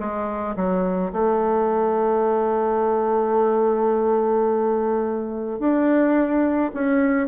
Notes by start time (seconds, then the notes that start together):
0.00 G#3
0.56 F#3
1.13 A3
5.59 D4
6.74 C#4